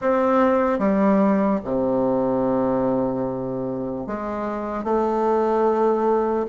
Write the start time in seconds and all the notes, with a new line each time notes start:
0.01 C4
0.79 G3
1.64 C3
4.07 G#3
4.84 A3